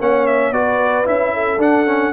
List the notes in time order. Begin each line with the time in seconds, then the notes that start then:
0.00 A#3 C#4 C#5 F#5
0.27 E5
0.52 B3 F#4 B4 D5
1.05 C#4 E4 E5
1.34 A4
1.58 D4 F#5
1.86 C#4